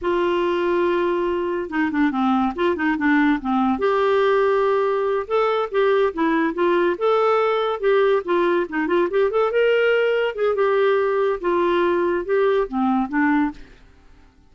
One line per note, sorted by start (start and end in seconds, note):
0.01 1.69 F4
1.69 1.91 D#4
1.91 2.11 D4
2.11 2.53 C4
2.55 2.75 F4
2.75 2.97 D#4
2.97 3.39 D4
3.40 3.78 C4
3.78 5.26 G4
5.27 5.69 A4
5.71 6.13 G4
6.13 6.54 E4
6.54 6.96 F4
6.98 7.80 A4
7.80 8.22 G4
8.24 8.67 F4
8.69 8.87 D#4
8.87 9.08 F4
9.10 9.30 G4
9.30 9.51 A4
9.51 10.35 A#4
10.35 10.55 G#4
10.55 11.39 G4
11.40 12.25 F4
12.25 12.67 G4
12.67 13.08 C4
13.08 13.51 D4